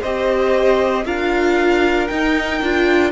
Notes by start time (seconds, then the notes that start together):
0.00 C4 G4 C5 D#5
1.05 D4 F4 A#4 F5
2.07 D#4 G5
2.61 D4 F4